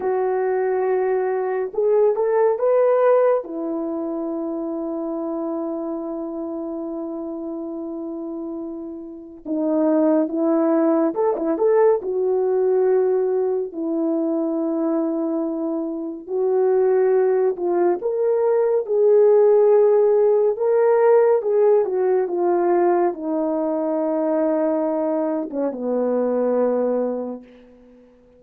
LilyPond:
\new Staff \with { instrumentName = "horn" } { \time 4/4 \tempo 4 = 70 fis'2 gis'8 a'8 b'4 | e'1~ | e'2. dis'4 | e'4 a'16 e'16 a'8 fis'2 |
e'2. fis'4~ | fis'8 f'8 ais'4 gis'2 | ais'4 gis'8 fis'8 f'4 dis'4~ | dis'4.~ dis'16 cis'16 b2 | }